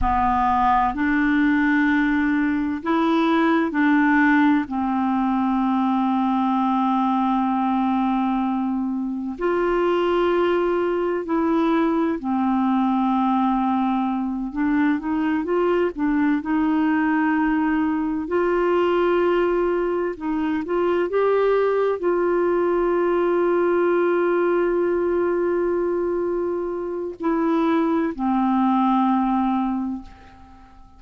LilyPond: \new Staff \with { instrumentName = "clarinet" } { \time 4/4 \tempo 4 = 64 b4 d'2 e'4 | d'4 c'2.~ | c'2 f'2 | e'4 c'2~ c'8 d'8 |
dis'8 f'8 d'8 dis'2 f'8~ | f'4. dis'8 f'8 g'4 f'8~ | f'1~ | f'4 e'4 c'2 | }